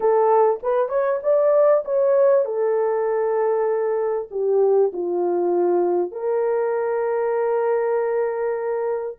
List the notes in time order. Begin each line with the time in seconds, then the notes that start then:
0.00 A4
0.62 B4
0.88 C#5
1.22 D5
1.85 C#5
2.45 A4
4.31 G4
4.92 F4
6.11 A#4